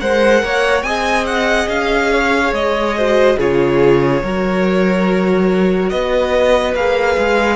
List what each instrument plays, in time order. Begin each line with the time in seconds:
0.00 cello G#3, viola A#4, violin C5 F#5
0.43 cello A#3, violin C#5
0.83 cello C4, viola G#4, violin D#5 G#5
1.27 violin F#5
1.69 cello C#4, violin F5
2.13 violin C#5
2.52 cello G#3, violin D#5
2.98 viola F#4, violin C5
3.38 cello C#3, viola F4, violin G#4 C#5
4.23 cello F#3, viola F#4, violin A#4
5.90 cello B3, violin B4 D#5
6.75 cello A#3, viola G#4, violin F5
7.18 cello G#3